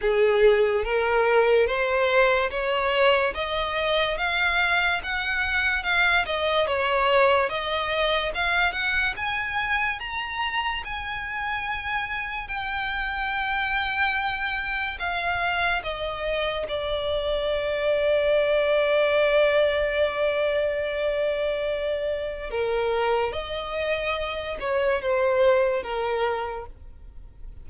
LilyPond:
\new Staff \with { instrumentName = "violin" } { \time 4/4 \tempo 4 = 72 gis'4 ais'4 c''4 cis''4 | dis''4 f''4 fis''4 f''8 dis''8 | cis''4 dis''4 f''8 fis''8 gis''4 | ais''4 gis''2 g''4~ |
g''2 f''4 dis''4 | d''1~ | d''2. ais'4 | dis''4. cis''8 c''4 ais'4 | }